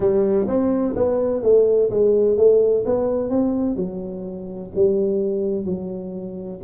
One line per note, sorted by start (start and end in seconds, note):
0.00 0.47 G3
0.47 0.94 C4
0.96 1.42 B3
1.42 1.90 A3
1.90 2.37 G#3
2.37 2.84 A3
2.85 3.29 B3
3.29 3.76 C4
3.76 4.70 F#3
4.75 5.65 G3
5.65 6.59 F#3